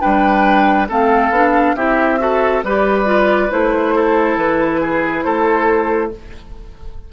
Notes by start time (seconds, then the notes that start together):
0.00 G3 D4 B4 G5
0.88 A3 C4 A4 F5
1.30 B3 D4
1.76 C4 E4 G4 E5
2.18 F#4 A4
2.63 G3 G4 B4 D5
3.05 F4
3.50 A3 E4 C5
3.95 A4
4.36 E3 B4
4.80 G#4
5.23 A3 A4 C5